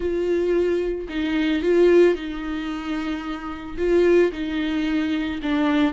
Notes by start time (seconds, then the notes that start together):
0.00 F4
1.08 D#4
1.62 F4
2.14 D#4
3.77 F4
4.32 D#4
5.42 D4